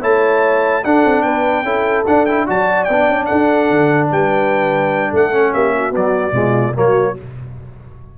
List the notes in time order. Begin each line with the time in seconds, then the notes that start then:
0.00 A3 E4 C#5 A5
0.84 D4 A4 F#5
1.05 C4
1.22 B3 B4 G5
1.62 C#4 E4 A4
2.06 D4 F#5
2.25 E4 G5
2.46 F#3 F#4 D5 A5
2.84 B3 G5
2.91 D4
3.08 C#4
3.26 D4 A4 F#5
3.70 D3
4.11 G3 B4 G5
5.09 A3 A4 F#5
5.31 C#4
5.53 A#3 G4 E5
5.75 F#4
5.91 F#3 B3 D5
6.32 B2 G#3 F4
6.73 F#3 A#3 F#4 C#5